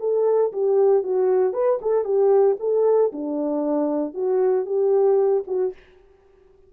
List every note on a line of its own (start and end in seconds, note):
0.00 0.52 A4
0.53 1.03 G4
1.03 1.53 F#4
1.53 1.80 B4
1.82 2.05 A4
2.05 2.57 G4
2.60 3.12 A4
3.13 4.14 D4
4.14 4.66 F#4
4.66 5.44 G4
5.48 5.74 F#4